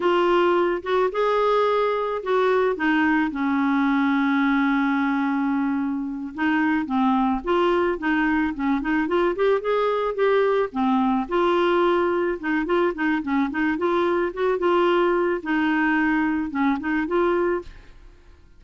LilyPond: \new Staff \with { instrumentName = "clarinet" } { \time 4/4 \tempo 4 = 109 f'4. fis'8 gis'2 | fis'4 dis'4 cis'2~ | cis'2.~ cis'8 dis'8~ | dis'8 c'4 f'4 dis'4 cis'8 |
dis'8 f'8 g'8 gis'4 g'4 c'8~ | c'8 f'2 dis'8 f'8 dis'8 | cis'8 dis'8 f'4 fis'8 f'4. | dis'2 cis'8 dis'8 f'4 | }